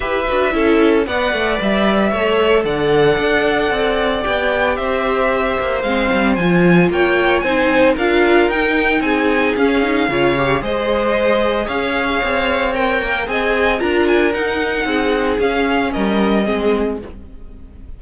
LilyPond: <<
  \new Staff \with { instrumentName = "violin" } { \time 4/4 \tempo 4 = 113 e''2 fis''4 e''4~ | e''4 fis''2. | g''4 e''2 f''4 | gis''4 g''4 gis''4 f''4 |
g''4 gis''4 f''2 | dis''2 f''2 | g''4 gis''4 ais''8 gis''8 fis''4~ | fis''4 f''4 dis''2 | }
  \new Staff \with { instrumentName = "violin" } { \time 4/4 b'4 a'4 d''2 | cis''4 d''2.~ | d''4 c''2.~ | c''4 cis''4 c''4 ais'4~ |
ais'4 gis'2 cis''4 | c''2 cis''2~ | cis''4 dis''4 ais'2 | gis'2 ais'4 gis'4 | }
  \new Staff \with { instrumentName = "viola" } { \time 4/4 g'8 fis'8 e'4 b'2 | a'1 | g'2. c'4 | f'2 dis'4 f'4 |
dis'2 cis'8 dis'8 f'8 g'8 | gis'1 | ais'4 gis'4 f'4 dis'4~ | dis'4 cis'2 c'4 | }
  \new Staff \with { instrumentName = "cello" } { \time 4/4 e'8 d'8 cis'4 b8 a8 g4 | a4 d4 d'4 c'4 | b4 c'4. ais8 gis8 g8 | f4 ais4 c'4 d'4 |
dis'4 c'4 cis'4 cis4 | gis2 cis'4 c'4~ | c'8 ais8 c'4 d'4 dis'4 | c'4 cis'4 g4 gis4 | }
>>